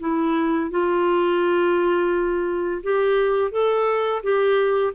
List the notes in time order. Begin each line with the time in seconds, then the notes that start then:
0.00 E4
0.71 F4
2.83 G4
3.52 A4
4.23 G4